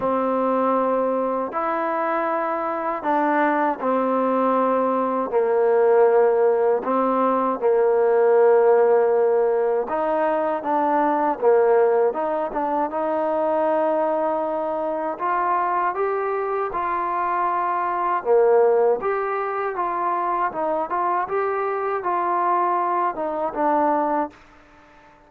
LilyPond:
\new Staff \with { instrumentName = "trombone" } { \time 4/4 \tempo 4 = 79 c'2 e'2 | d'4 c'2 ais4~ | ais4 c'4 ais2~ | ais4 dis'4 d'4 ais4 |
dis'8 d'8 dis'2. | f'4 g'4 f'2 | ais4 g'4 f'4 dis'8 f'8 | g'4 f'4. dis'8 d'4 | }